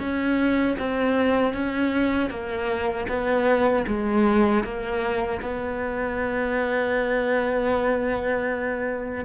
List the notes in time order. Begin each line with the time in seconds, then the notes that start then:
0.00 C#4
0.79 C4
1.53 C#4
2.30 A#3
3.08 B3
3.87 G#3
4.64 A#3
5.42 B3